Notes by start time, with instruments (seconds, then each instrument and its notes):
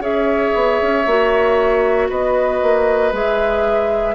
0.00 bassoon C#4, clarinet G#4, oboe C#5, flute E5
0.54 bassoon B3
0.82 bassoon C#4
1.06 bassoon A#3, clarinet F#4
2.09 bassoon B3, oboe B4, flute D#5
2.62 bassoon A#3
3.12 bassoon G#3, clarinet G#4, flute E5